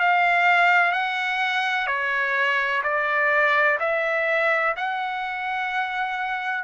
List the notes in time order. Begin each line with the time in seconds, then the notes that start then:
0.00 F5
0.92 F#5
1.87 C#5
2.84 D5
3.80 E5
4.77 F#5